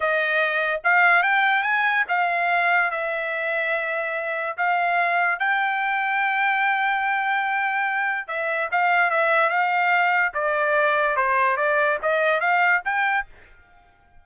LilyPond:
\new Staff \with { instrumentName = "trumpet" } { \time 4/4 \tempo 4 = 145 dis''2 f''4 g''4 | gis''4 f''2 e''4~ | e''2. f''4~ | f''4 g''2.~ |
g''1 | e''4 f''4 e''4 f''4~ | f''4 d''2 c''4 | d''4 dis''4 f''4 g''4 | }